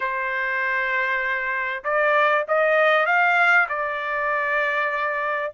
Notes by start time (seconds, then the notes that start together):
0.00 C5
1.84 D5
2.48 D#5
3.06 F5
3.68 D5